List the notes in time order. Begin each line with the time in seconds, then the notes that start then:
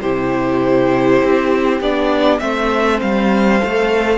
0.00 C3 E4 G4 C5
1.23 C4
1.80 B3 D4 D5
2.39 A3 C4 C5 E5
3.00 G3 F5
3.59 A3 A4